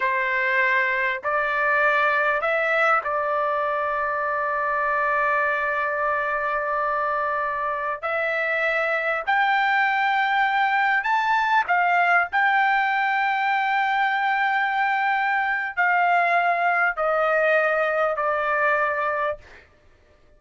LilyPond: \new Staff \with { instrumentName = "trumpet" } { \time 4/4 \tempo 4 = 99 c''2 d''2 | e''4 d''2.~ | d''1~ | d''4~ d''16 e''2 g''8.~ |
g''2~ g''16 a''4 f''8.~ | f''16 g''2.~ g''8.~ | g''2 f''2 | dis''2 d''2 | }